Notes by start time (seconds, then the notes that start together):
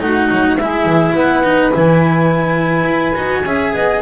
0.00 A3 D#4 F#4 F#5
0.31 F#3
0.57 G#3 E4 G#4 E5
0.85 E3
1.13 B3 B4 F#5
1.43 D#4
1.71 E3 E4 G#5
2.83 E4
3.15 D#4 F#4
3.44 C#4 G#4 E5
3.73 B3 D#5